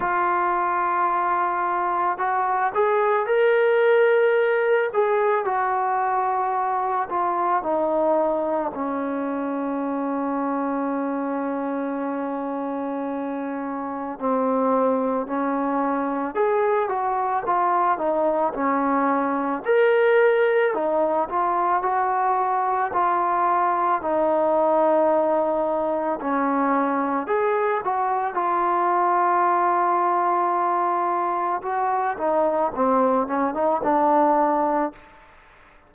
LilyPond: \new Staff \with { instrumentName = "trombone" } { \time 4/4 \tempo 4 = 55 f'2 fis'8 gis'8 ais'4~ | ais'8 gis'8 fis'4. f'8 dis'4 | cis'1~ | cis'4 c'4 cis'4 gis'8 fis'8 |
f'8 dis'8 cis'4 ais'4 dis'8 f'8 | fis'4 f'4 dis'2 | cis'4 gis'8 fis'8 f'2~ | f'4 fis'8 dis'8 c'8 cis'16 dis'16 d'4 | }